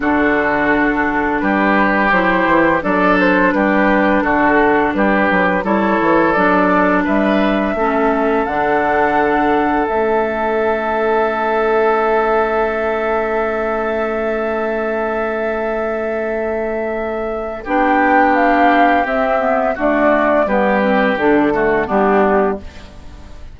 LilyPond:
<<
  \new Staff \with { instrumentName = "flute" } { \time 4/4 \tempo 4 = 85 a'2 b'4 c''4 | d''8 c''8 b'4 a'4 b'4 | cis''4 d''4 e''2 | fis''2 e''2~ |
e''1~ | e''1~ | e''4 g''4 f''4 e''4 | d''4 b'4 a'4 g'4 | }
  \new Staff \with { instrumentName = "oboe" } { \time 4/4 fis'2 g'2 | a'4 g'4 fis'4 g'4 | a'2 b'4 a'4~ | a'1~ |
a'1~ | a'1~ | a'4 g'2. | fis'4 g'4. fis'8 d'4 | }
  \new Staff \with { instrumentName = "clarinet" } { \time 4/4 d'2. e'4 | d'1 | e'4 d'2 cis'4 | d'2 cis'2~ |
cis'1~ | cis'1~ | cis'4 d'2 c'8 b8 | a4 b8 c'8 d'8 a8 b4 | }
  \new Staff \with { instrumentName = "bassoon" } { \time 4/4 d2 g4 fis8 e8 | fis4 g4 d4 g8 fis8 | g8 e8 fis4 g4 a4 | d2 a2~ |
a1~ | a1~ | a4 b2 c'4 | d'4 g4 d4 g4 | }
>>